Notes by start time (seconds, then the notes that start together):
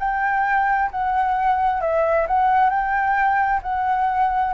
0.00 G5
0.91 F#5
1.81 E5
2.28 F#5
2.70 G5
3.63 F#5